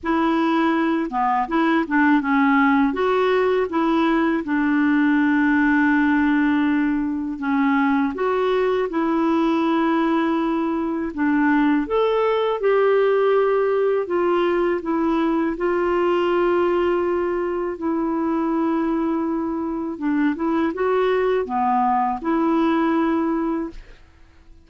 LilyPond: \new Staff \with { instrumentName = "clarinet" } { \time 4/4 \tempo 4 = 81 e'4. b8 e'8 d'8 cis'4 | fis'4 e'4 d'2~ | d'2 cis'4 fis'4 | e'2. d'4 |
a'4 g'2 f'4 | e'4 f'2. | e'2. d'8 e'8 | fis'4 b4 e'2 | }